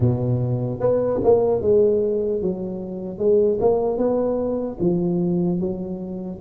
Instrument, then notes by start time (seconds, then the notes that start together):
tuba
0.00 B2
0.80 B3
1.23 A#3
1.61 G#3
2.41 F#3
3.18 G#3
3.60 A#3
3.97 B3
4.80 F3
5.60 F#3